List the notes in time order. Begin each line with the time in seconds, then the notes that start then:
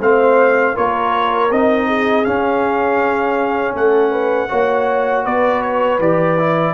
0.00 A3 C4 C5 F5
0.74 A#3 F4 A#4 C#5
1.51 C4 D#4 D#5
1.86 G#4
2.24 C#4 F5
3.74 A3 A4 F#5
4.11 B4
4.49 A#3 F#4 C#5
5.24 B3 B4 D5
5.62 C#5
5.99 E3 G4 D5
6.38 E4